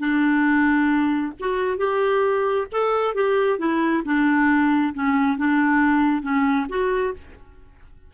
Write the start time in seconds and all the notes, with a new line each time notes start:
0.00 D4
1.40 F#4
1.78 G4
2.72 A4
3.15 G4
3.59 E4
4.05 D4
4.95 C#4
5.38 D4
6.23 C#4
6.70 F#4